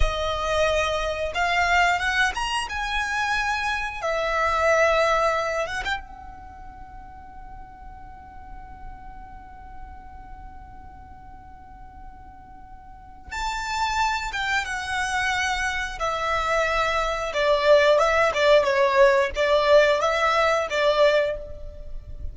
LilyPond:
\new Staff \with { instrumentName = "violin" } { \time 4/4 \tempo 4 = 90 dis''2 f''4 fis''8 ais''8 | gis''2 e''2~ | e''8 fis''16 g''16 fis''2.~ | fis''1~ |
fis''1 | a''4. g''8 fis''2 | e''2 d''4 e''8 d''8 | cis''4 d''4 e''4 d''4 | }